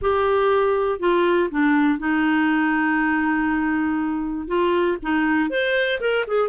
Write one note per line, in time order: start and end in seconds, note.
0.01 0.99 G4
0.99 1.49 F4
1.50 1.98 D4
1.98 4.47 D#4
4.47 4.97 F4
5.02 5.50 D#4
5.50 6.00 C5
6.00 6.25 A#4
6.27 6.48 G#4